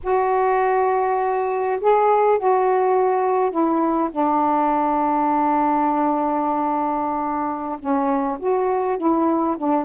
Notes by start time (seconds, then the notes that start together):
0.03 F#4
1.80 G#4
2.38 F#4
3.50 E4
4.11 D4
7.79 C#4
8.39 F#4
8.97 E4
9.57 D4